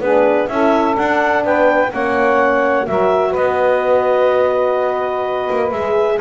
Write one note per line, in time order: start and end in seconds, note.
0.00 0.48 B3
0.00 0.50 D4
0.00 0.49 G#4
0.00 0.48 B4
0.48 0.97 C#4
0.48 0.94 E4
0.48 1.44 A4
0.48 0.95 E5
0.94 1.89 D4
0.94 1.45 D4
0.94 1.44 F#5
1.44 1.92 B3
1.44 1.92 B4
1.44 1.92 G5
1.91 2.88 A#3
1.91 2.86 C#4
1.91 2.86 C#5
1.91 2.87 F#5
2.86 3.35 F#3
2.86 5.72 F#4
2.86 3.30 A#4
2.86 3.34 E5
3.30 5.49 B3
3.30 6.16 B4
3.30 5.71 D#5
5.50 5.72 A#3
5.71 6.19 G#3
5.71 6.21 G#4
5.71 6.18 E5